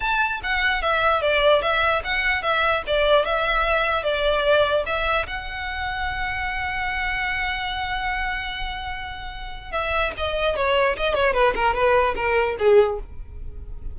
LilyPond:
\new Staff \with { instrumentName = "violin" } { \time 4/4 \tempo 4 = 148 a''4 fis''4 e''4 d''4 | e''4 fis''4 e''4 d''4 | e''2 d''2 | e''4 fis''2.~ |
fis''1~ | fis''1 | e''4 dis''4 cis''4 dis''8 cis''8 | b'8 ais'8 b'4 ais'4 gis'4 | }